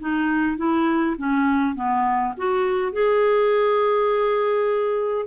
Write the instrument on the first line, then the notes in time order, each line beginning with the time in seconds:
clarinet
0.00 D#4
0.57 E4
1.18 C#4
1.75 B3
2.37 F#4
2.93 G#4